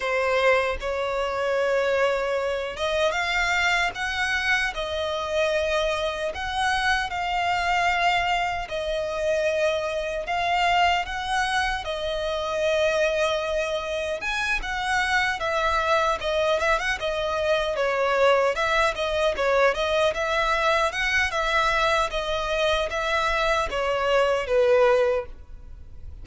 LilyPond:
\new Staff \with { instrumentName = "violin" } { \time 4/4 \tempo 4 = 76 c''4 cis''2~ cis''8 dis''8 | f''4 fis''4 dis''2 | fis''4 f''2 dis''4~ | dis''4 f''4 fis''4 dis''4~ |
dis''2 gis''8 fis''4 e''8~ | e''8 dis''8 e''16 fis''16 dis''4 cis''4 e''8 | dis''8 cis''8 dis''8 e''4 fis''8 e''4 | dis''4 e''4 cis''4 b'4 | }